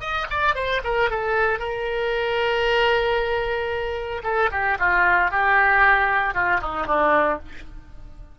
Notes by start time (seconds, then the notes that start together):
0.00 D#5
0.30 D5
0.55 C5
0.84 A#4
1.10 A4
1.59 A#4
4.23 A4
4.51 G4
4.79 F4
5.31 G4
6.34 F4
6.61 D#4
6.86 D4